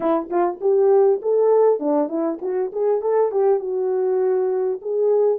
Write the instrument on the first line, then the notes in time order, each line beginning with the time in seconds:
horn
0.00 E4
0.30 F4
0.60 G4
1.22 A4
1.79 D4
2.08 E4
2.41 F#4
2.72 G#4
3.01 A4
3.31 G4
3.59 F#4
4.81 G#4